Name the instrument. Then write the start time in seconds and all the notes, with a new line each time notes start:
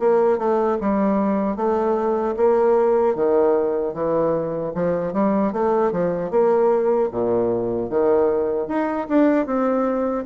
bassoon
0.00 A#3
0.39 A3
0.81 G3
1.56 A3
2.37 A#3
3.16 D#3
3.94 E3
4.75 F3
5.14 G3
5.53 A3
5.92 F3
6.31 A#3
7.12 A#2
7.90 D#3
8.68 D#4
9.09 D4
9.47 C4